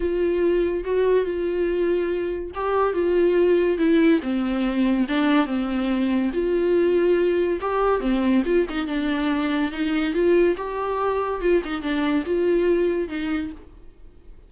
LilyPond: \new Staff \with { instrumentName = "viola" } { \time 4/4 \tempo 4 = 142 f'2 fis'4 f'4~ | f'2 g'4 f'4~ | f'4 e'4 c'2 | d'4 c'2 f'4~ |
f'2 g'4 c'4 | f'8 dis'8 d'2 dis'4 | f'4 g'2 f'8 dis'8 | d'4 f'2 dis'4 | }